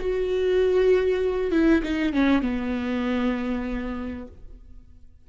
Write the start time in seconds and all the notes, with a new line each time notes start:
0.00 F#4
1.52 E4
1.83 D#4
2.13 C#4
2.42 B3